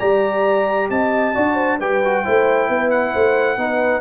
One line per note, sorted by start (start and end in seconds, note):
0.00 0.90 G3
0.00 1.35 G4
0.00 0.90 D5
0.00 0.90 A#5
0.90 1.35 C4
0.90 1.34 D#5
0.90 1.80 A5
1.34 1.80 D4
1.34 1.79 F#4
1.34 1.55 D5
1.55 1.77 C5
1.80 2.25 G3
1.80 2.03 G4
1.80 2.24 B4
1.80 2.90 G5
2.04 2.25 F#4
2.24 2.69 A3
2.24 3.58 E4
2.24 2.69 C5
2.69 3.14 B3
2.69 3.13 B4
2.90 4.01 F#5
3.13 3.57 A3
3.13 3.57 C5
3.57 4.01 B3
3.57 4.01 D#4
3.57 4.01 B4